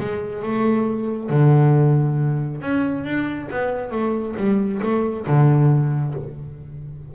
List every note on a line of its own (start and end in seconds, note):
0.00 0.42 G#3
0.42 1.30 A3
1.30 2.61 D3
2.61 3.04 C#4
3.04 3.48 D4
3.51 3.91 B3
3.91 4.35 A3
4.37 4.81 G3
4.82 5.26 A3
5.27 6.14 D3